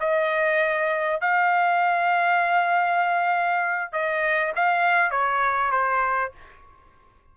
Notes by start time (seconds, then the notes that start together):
0.00 D#5
1.21 F5
3.93 D#5
4.56 F5
5.11 C#5
5.72 C5